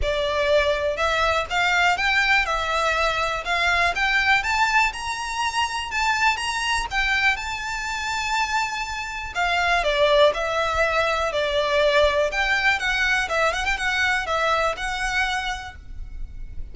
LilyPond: \new Staff \with { instrumentName = "violin" } { \time 4/4 \tempo 4 = 122 d''2 e''4 f''4 | g''4 e''2 f''4 | g''4 a''4 ais''2 | a''4 ais''4 g''4 a''4~ |
a''2. f''4 | d''4 e''2 d''4~ | d''4 g''4 fis''4 e''8 fis''16 g''16 | fis''4 e''4 fis''2 | }